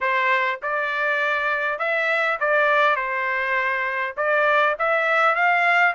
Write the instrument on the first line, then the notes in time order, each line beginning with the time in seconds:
trumpet
0.00 C5
0.62 D5
1.78 E5
2.40 D5
2.95 C5
4.16 D5
4.78 E5
5.35 F5